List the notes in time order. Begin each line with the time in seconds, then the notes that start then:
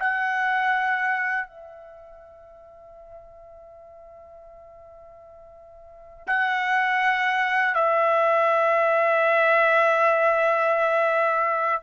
0.00 F#5
1.48 E5
6.28 F#5
7.75 E5